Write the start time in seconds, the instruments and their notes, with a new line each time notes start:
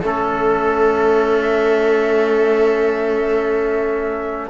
0.00 cello A3, trombone C#4, viola A4
0.06 trumpet A4
1.40 trumpet E5